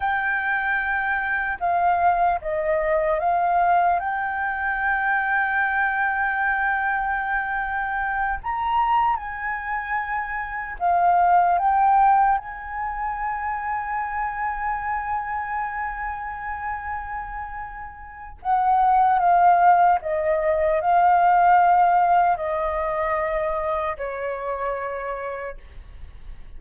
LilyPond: \new Staff \with { instrumentName = "flute" } { \time 4/4 \tempo 4 = 75 g''2 f''4 dis''4 | f''4 g''2.~ | g''2~ g''8 ais''4 gis''8~ | gis''4. f''4 g''4 gis''8~ |
gis''1~ | gis''2. fis''4 | f''4 dis''4 f''2 | dis''2 cis''2 | }